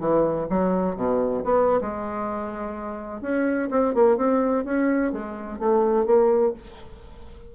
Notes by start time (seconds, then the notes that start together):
0.00 E3
0.50 F#3
0.96 B2
1.45 B3
1.81 G#3
3.22 C#4
3.71 C4
3.95 A#3
4.17 C4
4.65 C#4
5.13 G#3
5.60 A3
6.06 A#3